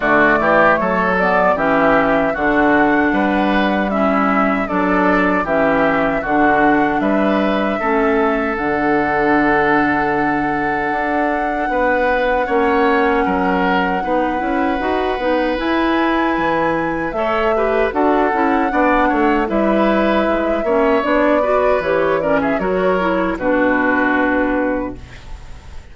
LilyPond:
<<
  \new Staff \with { instrumentName = "flute" } { \time 4/4 \tempo 4 = 77 d''4 cis''8 d''8 e''4 fis''4~ | fis''4 e''4 d''4 e''4 | fis''4 e''2 fis''4~ | fis''1~ |
fis''1 | gis''2 e''4 fis''4~ | fis''4 e''2 d''4 | cis''8 d''16 e''16 cis''4 b'2 | }
  \new Staff \with { instrumentName = "oboe" } { \time 4/4 fis'8 g'8 a'4 g'4 fis'4 | b'4 e'4 a'4 g'4 | fis'4 b'4 a'2~ | a'2. b'4 |
cis''4 ais'4 b'2~ | b'2 cis''8 b'8 a'4 | d''8 cis''8 b'4. cis''4 b'8~ | b'8 ais'16 gis'16 ais'4 fis'2 | }
  \new Staff \with { instrumentName = "clarinet" } { \time 4/4 a4. b8 cis'4 d'4~ | d'4 cis'4 d'4 cis'4 | d'2 cis'4 d'4~ | d'1 |
cis'2 dis'8 e'8 fis'8 dis'8 | e'2 a'8 g'8 fis'8 e'8 | d'4 e'4. cis'8 d'8 fis'8 | g'8 cis'8 fis'8 e'8 d'2 | }
  \new Staff \with { instrumentName = "bassoon" } { \time 4/4 d8 e8 fis4 e4 d4 | g2 fis4 e4 | d4 g4 a4 d4~ | d2 d'4 b4 |
ais4 fis4 b8 cis'8 dis'8 b8 | e'4 e4 a4 d'8 cis'8 | b8 a8 g4 gis8 ais8 b4 | e4 fis4 b,2 | }
>>